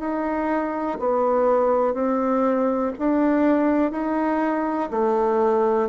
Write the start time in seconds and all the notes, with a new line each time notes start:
0.00 D#4
1.00 B3
1.94 C4
2.99 D4
3.92 D#4
4.91 A3